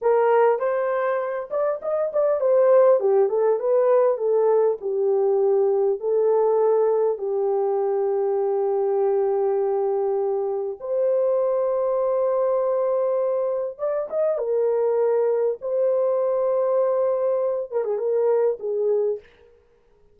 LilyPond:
\new Staff \with { instrumentName = "horn" } { \time 4/4 \tempo 4 = 100 ais'4 c''4. d''8 dis''8 d''8 | c''4 g'8 a'8 b'4 a'4 | g'2 a'2 | g'1~ |
g'2 c''2~ | c''2. d''8 dis''8 | ais'2 c''2~ | c''4. ais'16 gis'16 ais'4 gis'4 | }